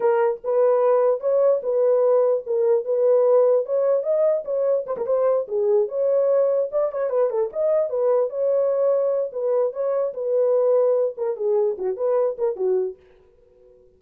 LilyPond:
\new Staff \with { instrumentName = "horn" } { \time 4/4 \tempo 4 = 148 ais'4 b'2 cis''4 | b'2 ais'4 b'4~ | b'4 cis''4 dis''4 cis''4 | c''16 ais'16 c''4 gis'4 cis''4.~ |
cis''8 d''8 cis''8 b'8 a'8 dis''4 b'8~ | b'8 cis''2~ cis''8 b'4 | cis''4 b'2~ b'8 ais'8 | gis'4 fis'8 b'4 ais'8 fis'4 | }